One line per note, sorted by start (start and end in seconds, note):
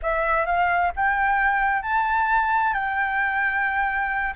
0.02 0.46 E5
0.46 0.92 F5
0.95 1.82 G5
1.82 2.73 A5
2.73 4.33 G5